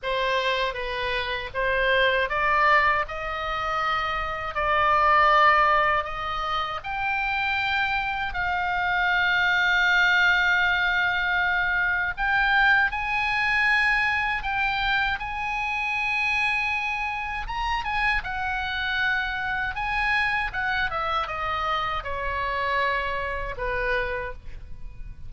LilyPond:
\new Staff \with { instrumentName = "oboe" } { \time 4/4 \tempo 4 = 79 c''4 b'4 c''4 d''4 | dis''2 d''2 | dis''4 g''2 f''4~ | f''1 |
g''4 gis''2 g''4 | gis''2. ais''8 gis''8 | fis''2 gis''4 fis''8 e''8 | dis''4 cis''2 b'4 | }